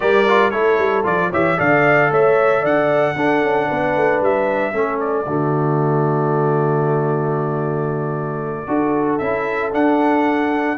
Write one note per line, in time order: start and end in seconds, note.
0.00 0.52 G3
0.00 0.25 G4
0.00 0.52 A#4
0.00 0.50 D5
0.28 0.51 F4
0.50 0.78 A3
0.50 1.03 E4
0.50 1.30 A4
0.50 1.03 C#5
0.78 1.04 G3
1.03 1.31 F3
1.03 1.30 F4
1.03 1.31 D5
1.30 1.59 E3
1.30 1.57 G4
1.30 1.56 C#5
1.30 1.59 E5
1.57 2.11 D3
1.57 3.15 A4
1.57 2.10 D5
1.57 2.12 F5
2.10 2.63 A3
2.10 2.61 C#5
2.10 2.65 E5
2.61 3.15 D3
2.61 3.13 D5
2.61 4.23 F#5
3.15 3.41 D4
3.15 4.73 D4
3.15 3.67 A4
3.42 3.68 C#4
3.67 3.96 B3
3.67 4.73 B4
3.96 4.21 A3
4.21 4.73 G3
4.21 4.99 E5
4.73 5.26 A3
4.73 5.25 C#4
4.73 5.26 A4
4.99 9.18 D5
5.26 8.67 D3
5.26 8.67 A3
5.26 8.67 F#4
8.67 9.20 D4
8.67 9.20 F#4
8.67 10.77 A4
9.18 9.73 C#4
9.18 9.72 E4
9.18 9.70 E5
9.72 10.77 D4
9.72 10.77 F#5